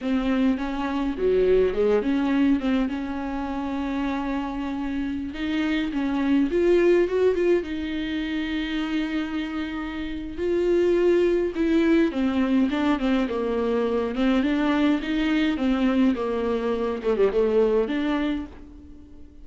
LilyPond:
\new Staff \with { instrumentName = "viola" } { \time 4/4 \tempo 4 = 104 c'4 cis'4 fis4 gis8 cis'8~ | cis'8 c'8 cis'2.~ | cis'4~ cis'16 dis'4 cis'4 f'8.~ | f'16 fis'8 f'8 dis'2~ dis'8.~ |
dis'2 f'2 | e'4 c'4 d'8 c'8 ais4~ | ais8 c'8 d'4 dis'4 c'4 | ais4. a16 g16 a4 d'4 | }